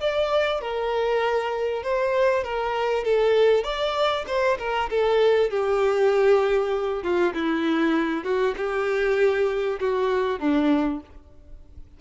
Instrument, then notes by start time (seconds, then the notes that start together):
violin
0.00 D5
0.61 A#4
1.83 C5
2.44 A#4
3.04 A4
3.64 D5
4.27 C5
4.58 A#4
4.90 A4
5.50 G4
7.03 F4
7.34 E4
8.24 F#4
8.57 G4
9.80 F#4
10.39 D4